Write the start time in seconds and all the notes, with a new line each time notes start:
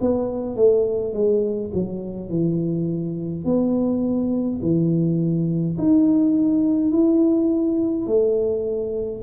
0.00 B3
0.55 A3
1.13 G#3
1.73 F#3
2.29 E3
3.44 B3
4.61 E3
5.78 D#4
6.91 E4
8.06 A3